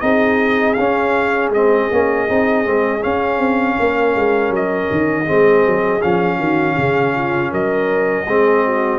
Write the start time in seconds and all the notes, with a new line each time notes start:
0.00 C4 D#4 G#4 D#5
0.73 C#4 F5
0.80 C#4
1.50 G#3 C4 D#5
1.91 A#3 C#4
2.28 C4 D#4
2.65 G#3 C4
3.00 C#4 F5
3.38 C4
3.79 A#3 A#4
4.15 G#3
4.50 F#3 D#5
4.91 D#3
5.24 G#3 C4 G#4
5.66 F#3
6.02 F3 C#4 F5
6.37 D#3 F#4
6.76 C#3 G#4
7.15 F4
7.51 F#3 A#4 D#5
8.27 G#3 C4 G#4
8.65 F#4